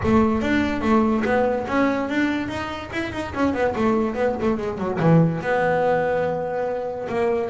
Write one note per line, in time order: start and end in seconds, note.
0.03 0.41 A3
0.41 0.81 D4
0.81 1.23 A3
1.24 1.66 B3
1.67 2.09 C#4
2.09 2.48 D4
2.48 2.90 D#4
2.92 3.12 E4
3.12 3.33 D#4
3.34 3.53 C#4
3.53 3.74 B3
3.75 4.14 A3
4.14 4.35 B3
4.41 4.57 A3
4.57 4.78 G#3
4.78 4.98 F#3
4.99 5.41 E3
5.41 7.08 B3
7.08 7.50 A#3